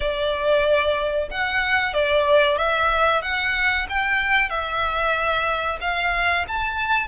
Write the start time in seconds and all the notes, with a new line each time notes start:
0.00 D5
1.30 F#5
1.93 D5
2.57 E5
3.22 F#5
3.89 G5
4.49 E5
5.81 F5
6.48 A5